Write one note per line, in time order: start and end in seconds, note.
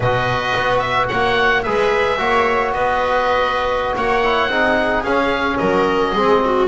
0.00 0.54 B2
0.00 1.65 F#4
0.00 1.08 B4
0.00 0.78 D#5
0.55 1.10 B3
0.78 1.06 E5
1.08 1.66 A#3
1.08 1.63 C#5
1.08 1.62 F#5
1.62 2.18 G#3
1.62 2.17 G#4
1.62 2.19 B4
1.62 2.71 E5
2.17 2.71 A#3
2.17 4.22 F#4
2.17 2.74 C#5
2.71 3.94 B3
2.71 3.96 B4
2.71 3.96 D#5
3.96 4.48 A#3
3.96 4.49 C#5
3.96 5.03 F#5
4.22 4.50 E4
4.48 5.02 C4
4.48 5.05 D#4
4.48 5.58 G#4
5.03 5.58 C#4
5.03 6.16 C#4
5.03 5.57 F5
5.57 6.15 F#3
5.57 6.12 A#4
5.57 6.66 D#5
6.12 6.67 G#3
6.12 6.67 C4
6.12 6.40 G#4
6.45 6.67 F#4